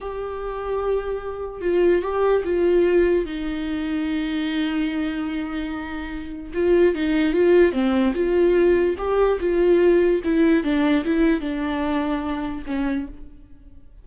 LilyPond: \new Staff \with { instrumentName = "viola" } { \time 4/4 \tempo 4 = 147 g'1 | f'4 g'4 f'2 | dis'1~ | dis'1 |
f'4 dis'4 f'4 c'4 | f'2 g'4 f'4~ | f'4 e'4 d'4 e'4 | d'2. cis'4 | }